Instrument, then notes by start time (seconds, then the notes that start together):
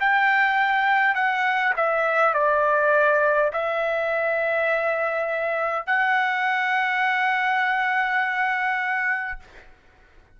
trumpet
0.00 G5
1.15 F#5
1.76 E5
2.34 D5
3.53 E5
5.86 F#5